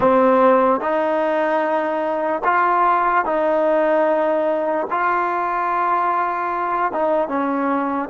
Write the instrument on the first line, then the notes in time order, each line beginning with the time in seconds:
trombone
0.00 C4
0.80 D#4
2.44 F4
3.25 D#4
4.90 F4
6.92 D#4
7.28 C#4